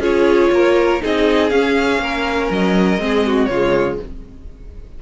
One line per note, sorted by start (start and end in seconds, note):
0.00 0.50 C#4
0.00 1.00 F4
0.00 0.51 G#4
0.00 1.02 C#5
0.52 1.01 A#3
0.52 1.03 A#4
1.01 1.52 C4
1.01 1.50 D#4
1.01 2.02 G#4
1.01 1.50 D#5
1.50 3.00 C#4
1.50 2.00 C#4
1.50 2.49 F5
2.00 2.49 A#3
2.00 3.02 A#4
2.51 2.98 F#3
2.51 3.46 D#5
2.98 3.48 G#3
2.98 3.49 C4
2.98 3.27 G#4
3.27 3.50 F#4
3.46 3.99 C#3
3.46 4.00 F4
3.46 3.95 C#5
3.52 4.02 G#3